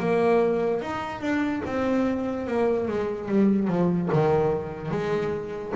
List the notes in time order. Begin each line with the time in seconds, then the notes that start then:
0.00 A#3
0.82 D#4
1.21 D4
1.66 C4
2.48 A#3
2.89 G#3
3.29 G3
3.68 F3
4.13 D#3
4.91 G#3